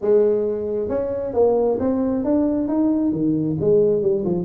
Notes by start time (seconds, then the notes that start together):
0.01 G#3
0.88 C#4
1.33 A#3
1.79 C4
2.24 D4
2.67 D#4
3.12 D#3
3.60 G#3
4.02 G3
4.24 F3